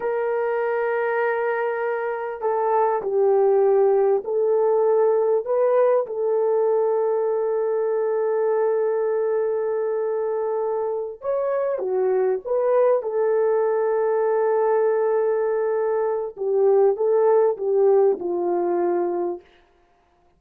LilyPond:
\new Staff \with { instrumentName = "horn" } { \time 4/4 \tempo 4 = 99 ais'1 | a'4 g'2 a'4~ | a'4 b'4 a'2~ | a'1~ |
a'2~ a'8 cis''4 fis'8~ | fis'8 b'4 a'2~ a'8~ | a'2. g'4 | a'4 g'4 f'2 | }